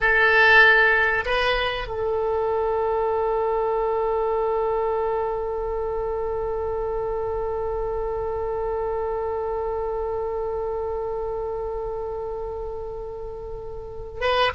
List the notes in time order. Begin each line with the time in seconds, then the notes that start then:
0.00 A4
1.25 B4
1.87 A4
14.20 B4